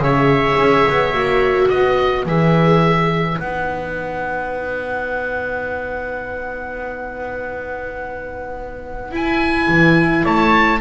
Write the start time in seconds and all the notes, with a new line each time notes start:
0.00 C#3 G#4 C#5 E5
0.57 C#4
0.89 B3
1.14 A#3 F#4
1.68 B3 B4 D#5
2.26 E3 G#4 E5
3.39 B3 D#4 F#5
9.11 E4 G#5
9.68 E3
10.24 A3 C#5 A5